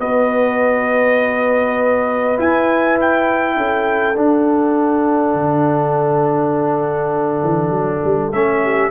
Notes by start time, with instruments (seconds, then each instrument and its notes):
0.00 tuba B3, trombone F#4, horn B4, trumpet D#5
2.37 trombone E4, tuba E4, trumpet G#5
3.01 trumpet G5
3.57 tuba C#4, horn A4
4.16 tuba D4, trombone D4, trumpet F#5
5.35 tuba D3
7.44 tuba E3
7.70 tuba F#3
8.05 tuba G3
8.32 tuba A3, trombone C#4, trumpet E5
8.63 horn G4